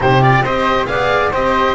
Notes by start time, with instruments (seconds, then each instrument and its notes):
0.00 double bass C3, cello D#4, flute G4, oboe C5
0.21 cello F4, oboe D5
0.42 double bass C4, cello G4, flute C5, oboe D#5
0.86 double bass B3, cello G#4, flute D5, oboe F5
1.32 double bass C4, cello G4, flute C5, oboe D#5